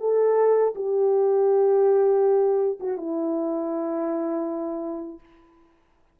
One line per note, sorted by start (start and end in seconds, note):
0.00 0.74 A4
0.75 2.79 G4
2.80 2.97 F#4
2.97 5.19 E4